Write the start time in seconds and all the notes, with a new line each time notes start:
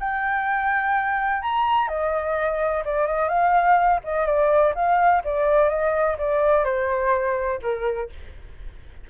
0.00 G5
1.42 A#5
1.88 D#5
2.85 D5
3.07 D#5
3.29 F5
4.04 D#5
4.26 D5
4.75 F5
5.25 D5
5.69 D#5
6.18 D5
6.65 C5
7.62 A#4